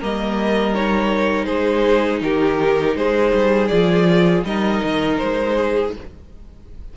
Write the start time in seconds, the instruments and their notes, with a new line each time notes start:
0.00 cello G3, viola A#3, violin A#4 D#5
0.74 viola D#4, violin C#5
1.45 cello G#3, violin G#4 C5
2.21 cello D#3, violin G4 A#4
2.95 cello G#3, violin G#4 C5
3.33 cello G3
3.67 cello F3, viola F4, violin D5
4.44 cello G3, viola D#4, violin A#4 D#5
4.83 cello D#3
5.17 cello G#3, violin C5
5.56 violin G#4